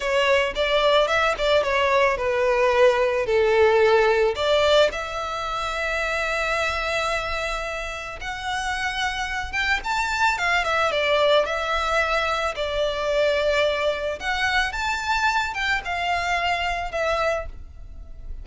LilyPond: \new Staff \with { instrumentName = "violin" } { \time 4/4 \tempo 4 = 110 cis''4 d''4 e''8 d''8 cis''4 | b'2 a'2 | d''4 e''2.~ | e''2. fis''4~ |
fis''4. g''8 a''4 f''8 e''8 | d''4 e''2 d''4~ | d''2 fis''4 a''4~ | a''8 g''8 f''2 e''4 | }